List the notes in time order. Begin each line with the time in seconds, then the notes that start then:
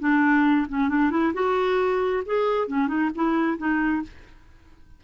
0.00 D4
0.69 C#4
0.89 D4
1.11 E4
1.34 F#4
2.26 G#4
2.68 C#4
2.88 D#4
3.15 E4
3.58 D#4